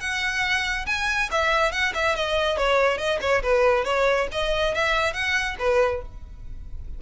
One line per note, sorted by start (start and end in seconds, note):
0.00 0.86 F#5
0.86 1.29 G#5
1.31 1.71 E5
1.71 1.93 F#5
1.94 2.15 E5
2.16 2.57 D#5
2.57 2.97 C#5
2.97 3.19 D#5
3.21 3.42 C#5
3.42 3.85 B4
3.85 4.27 C#5
4.31 4.74 D#5
4.74 5.13 E5
5.13 5.56 F#5
5.59 6.02 B4